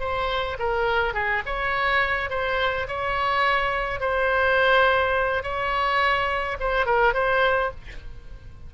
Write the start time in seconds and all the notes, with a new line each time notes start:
0.00 C5
0.59 A#4
1.14 G#4
1.46 C#5
2.30 C5
2.88 C#5
4.00 C5
5.43 C#5
6.60 C5
6.86 A#4
7.14 C5